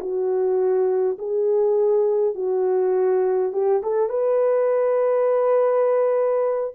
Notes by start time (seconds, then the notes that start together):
0.00 F#4
1.19 G#4
2.35 F#4
3.53 G4
3.83 A4
4.10 B4